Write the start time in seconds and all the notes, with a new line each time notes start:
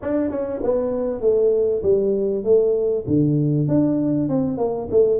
0.02 D4
0.30 C#4
0.63 B3
1.20 A3
1.82 G3
2.44 A3
3.07 D3
3.67 D4
4.29 C4
4.58 A#3
4.90 A3